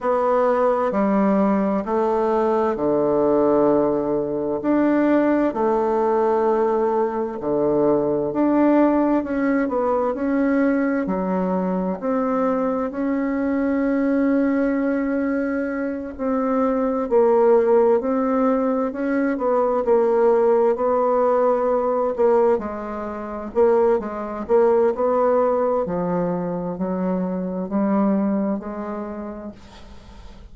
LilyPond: \new Staff \with { instrumentName = "bassoon" } { \time 4/4 \tempo 4 = 65 b4 g4 a4 d4~ | d4 d'4 a2 | d4 d'4 cis'8 b8 cis'4 | fis4 c'4 cis'2~ |
cis'4. c'4 ais4 c'8~ | c'8 cis'8 b8 ais4 b4. | ais8 gis4 ais8 gis8 ais8 b4 | f4 fis4 g4 gis4 | }